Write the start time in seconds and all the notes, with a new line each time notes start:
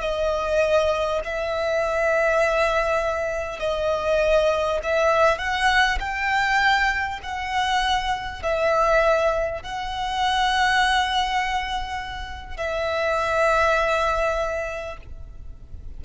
0.00 D#5
1.24 E5
3.59 D#5
4.83 E5
5.38 F#5
5.99 G5
7.23 F#5
8.42 E5
9.62 F#5
12.57 E5